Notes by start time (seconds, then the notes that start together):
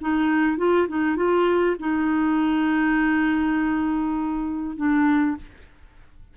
0.00 D#4
0.57 F4
0.88 D#4
1.16 F4
1.79 D#4
4.76 D4